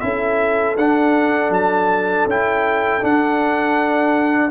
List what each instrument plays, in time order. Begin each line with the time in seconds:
0.00 tuba C#4, trombone E4, horn A4, trumpet E5
0.77 tuba D4, trombone D4, trumpet F#5
1.50 tuba F#3, trumpet A5
2.25 tuba C#4, trombone E4, trumpet G5
3.01 trombone D4, tuba D4, trumpet F#5